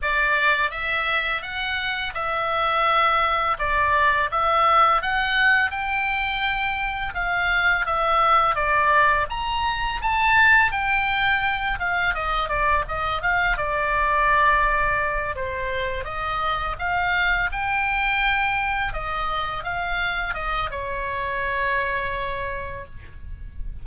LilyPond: \new Staff \with { instrumentName = "oboe" } { \time 4/4 \tempo 4 = 84 d''4 e''4 fis''4 e''4~ | e''4 d''4 e''4 fis''4 | g''2 f''4 e''4 | d''4 ais''4 a''4 g''4~ |
g''8 f''8 dis''8 d''8 dis''8 f''8 d''4~ | d''4. c''4 dis''4 f''8~ | f''8 g''2 dis''4 f''8~ | f''8 dis''8 cis''2. | }